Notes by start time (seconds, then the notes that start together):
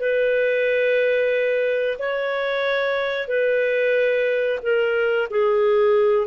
0.00 B4
1.99 C#5
3.28 B4
4.62 A#4
5.30 G#4